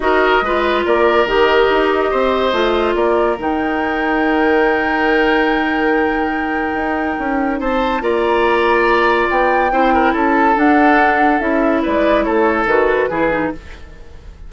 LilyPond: <<
  \new Staff \with { instrumentName = "flute" } { \time 4/4 \tempo 4 = 142 dis''2 d''4 dis''4~ | dis''2. d''4 | g''1~ | g''1~ |
g''2 a''4 ais''4~ | ais''2 g''2 | a''4 fis''2 e''4 | d''4 cis''4 b'2 | }
  \new Staff \with { instrumentName = "oboe" } { \time 4/4 ais'4 b'4 ais'2~ | ais'4 c''2 ais'4~ | ais'1~ | ais'1~ |
ais'2 c''4 d''4~ | d''2. c''8 ais'8 | a'1 | b'4 a'2 gis'4 | }
  \new Staff \with { instrumentName = "clarinet" } { \time 4/4 fis'4 f'2 g'4~ | g'2 f'2 | dis'1~ | dis'1~ |
dis'2. f'4~ | f'2. e'4~ | e'4 d'2 e'4~ | e'2 fis'4 e'8 dis'8 | }
  \new Staff \with { instrumentName = "bassoon" } { \time 4/4 dis'4 gis4 ais4 dis4 | dis'4 c'4 a4 ais4 | dis1~ | dis1 |
dis'4 cis'4 c'4 ais4~ | ais2 b4 c'4 | cis'4 d'2 cis'4 | gis4 a4 dis4 e4 | }
>>